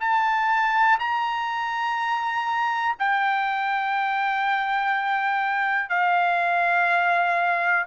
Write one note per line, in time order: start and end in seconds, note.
0.00 0.98 A5
0.99 2.96 A#5
2.99 5.89 G5
5.89 7.86 F5